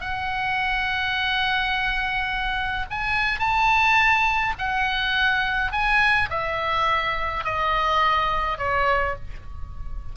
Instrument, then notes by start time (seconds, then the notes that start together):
oboe
0.00 F#5
2.90 G#5
3.39 A5
4.58 F#5
5.72 G#5
6.30 E5
7.44 D#5
8.58 C#5